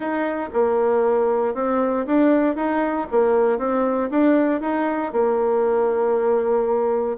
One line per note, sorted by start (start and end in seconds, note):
0.00 0.49 D#4
0.53 1.54 A#3
1.54 2.05 C4
2.06 2.55 D4
2.55 3.06 D#4
3.11 3.58 A#3
3.58 4.09 C4
4.10 4.61 D4
4.61 5.12 D#4
5.12 7.17 A#3